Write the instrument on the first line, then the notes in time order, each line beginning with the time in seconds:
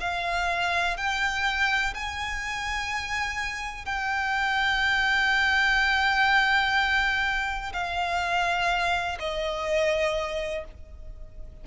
violin
0.00 F5
0.97 G5
1.94 G#5
3.85 G5
7.73 F5
9.19 D#5